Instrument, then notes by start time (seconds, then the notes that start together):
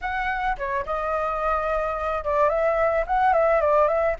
flute
0.01 F#5
0.57 C#5
0.85 D#5
2.24 D5
2.49 E5
3.06 F#5
3.33 E5
3.61 D5
3.88 E5